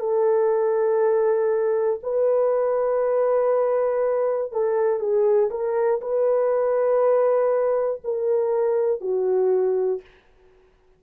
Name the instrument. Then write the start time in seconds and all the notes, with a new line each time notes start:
horn
0.00 A4
2.03 B4
4.52 A4
5.00 G#4
5.50 A#4
6.01 B4
8.05 A#4
9.01 F#4